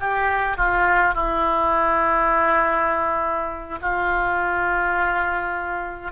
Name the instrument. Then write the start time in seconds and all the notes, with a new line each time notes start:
oboe
0.00 G4
0.57 F4
1.14 E4
3.81 F4